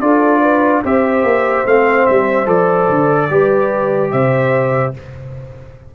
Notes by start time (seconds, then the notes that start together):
0.00 D4 F4 A4 D5
0.40 B4
0.83 C4 G4 C5 E5
1.23 A#3
1.65 A3 C4 F5
2.06 G3 E5
2.46 F3 A4 D5
2.89 D3
3.30 G3 G4 B4
4.11 C3 C5 E5